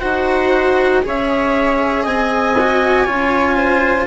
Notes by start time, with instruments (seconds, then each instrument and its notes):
0.00 bassoon D#4, cello F#4, viola C5, trumpet F#5
1.03 bassoon C#4, cello G#4, viola C#5, trumpet E5
2.03 bassoon C4, viola D#5, trumpet G#5
2.60 cello F#4
3.05 bassoon C#4, cello F4, viola C#5
3.56 viola C5